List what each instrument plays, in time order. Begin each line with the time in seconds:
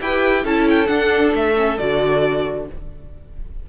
0.00 cello E4, viola G4, violin B4 G5
0.43 cello C#4, viola E4, violin A4 A5
0.69 violin G5
0.86 viola D4, cello D4, violin F#5
1.34 cello A3, violin E5
1.56 viola C#4
1.78 cello D3, viola F#4, violin D5